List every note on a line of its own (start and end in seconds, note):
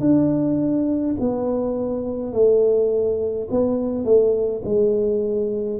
0.00 1.15 D4
1.20 2.32 B3
2.32 3.48 A3
3.50 4.04 B3
4.04 4.62 A3
4.64 5.80 G#3